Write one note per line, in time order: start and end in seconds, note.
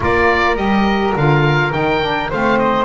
0.00 0.56 A#3
0.00 0.56 F4
0.00 2.29 A#4
0.00 0.56 D5
0.56 1.14 G3
0.56 1.13 G4
0.56 1.14 D#5
1.15 1.72 D3
1.15 1.71 F4
1.15 1.72 F5
1.71 2.31 D#3
1.71 2.00 D#4
1.71 2.30 G5
2.00 2.29 D4
2.29 2.84 A3
2.29 2.84 C4
2.29 2.84 C5
2.29 2.59 F5
2.59 2.84 D#5